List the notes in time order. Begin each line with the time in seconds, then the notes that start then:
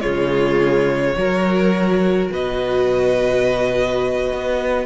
0.00 C#3 G#3 F4 C#5
1.16 F#3 F#4 A#4
2.30 B2 B4 D#5
4.32 B3